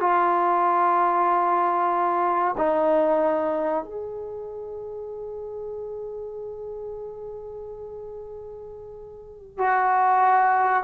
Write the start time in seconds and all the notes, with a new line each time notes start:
0.00 F4
2.57 D#4
3.84 G#4
9.58 F#4